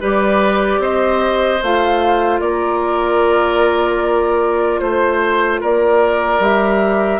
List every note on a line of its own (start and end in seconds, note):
0.00 0.79 G3
0.00 1.60 G4
0.00 0.81 B4
0.00 0.83 D5
0.79 1.59 C4
0.79 2.41 C5
0.79 1.63 D#5
1.62 2.40 A3
1.62 6.41 F4
1.62 2.40 F5
2.40 4.80 A#3
2.40 4.81 A#4
2.40 4.79 D5
4.79 5.61 A3
4.79 5.59 C5
4.79 5.61 C5
5.61 6.39 A#3
5.61 7.20 A#4
5.61 6.43 D5
6.39 7.19 G3
6.39 7.20 G4
6.39 7.20 E5